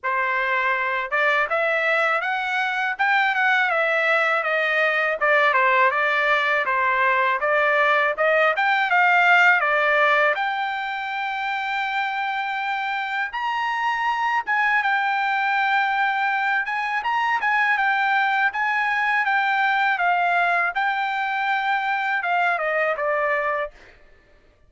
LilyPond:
\new Staff \with { instrumentName = "trumpet" } { \time 4/4 \tempo 4 = 81 c''4. d''8 e''4 fis''4 | g''8 fis''8 e''4 dis''4 d''8 c''8 | d''4 c''4 d''4 dis''8 g''8 | f''4 d''4 g''2~ |
g''2 ais''4. gis''8 | g''2~ g''8 gis''8 ais''8 gis''8 | g''4 gis''4 g''4 f''4 | g''2 f''8 dis''8 d''4 | }